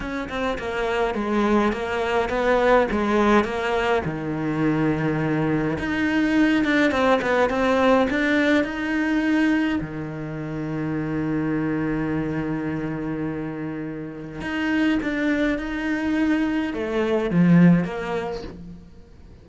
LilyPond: \new Staff \with { instrumentName = "cello" } { \time 4/4 \tempo 4 = 104 cis'8 c'8 ais4 gis4 ais4 | b4 gis4 ais4 dis4~ | dis2 dis'4. d'8 | c'8 b8 c'4 d'4 dis'4~ |
dis'4 dis2.~ | dis1~ | dis4 dis'4 d'4 dis'4~ | dis'4 a4 f4 ais4 | }